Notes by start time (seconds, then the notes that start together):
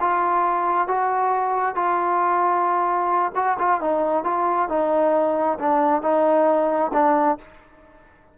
0.00 F4
0.87 F#4
1.75 F4
3.35 F#4
3.59 F4
3.81 D#4
4.24 F4
4.69 D#4
5.59 D4
6.02 D#4
6.93 D4